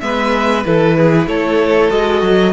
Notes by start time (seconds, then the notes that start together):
0.00 G#3 B3 B4 E5
0.64 E3 E4 A4 B4
0.97 G#4
1.27 A3 A4 C#5
1.90 G#3 F#4 D#5
2.22 F#3